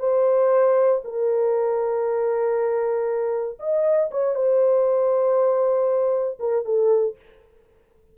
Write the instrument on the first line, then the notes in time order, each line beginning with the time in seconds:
horn
0.00 C5
1.05 A#4
3.60 D#5
4.11 C#5
4.35 C5
6.40 A#4
6.65 A4